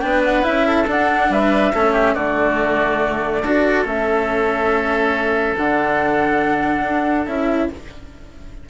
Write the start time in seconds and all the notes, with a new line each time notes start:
0.00 B3 D4 B4 G5
0.24 F#5
0.43 C#4 E4 E5
0.67 A4
0.87 D4 F#5
1.29 G3 B4 E5
1.74 A3 C#4 A4
1.92 G4
2.14 D3 A3 F#4 D5
3.43 D4 F#4 A4
3.85 A3 C#4 E5
5.57 D3 D4 F#5
6.84 D4
7.25 C#4 E4 E5